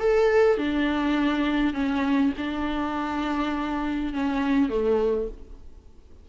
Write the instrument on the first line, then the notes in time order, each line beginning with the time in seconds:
viola
0.00 A4
0.58 D4
1.74 C#4
2.38 D4
4.14 C#4
4.70 A3